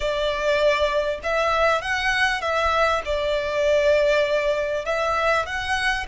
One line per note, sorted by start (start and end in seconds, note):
0.00 1.19 D5
1.23 1.81 E5
1.81 2.41 F#5
2.41 3.01 E5
3.05 4.85 D5
4.85 5.45 E5
5.45 6.06 F#5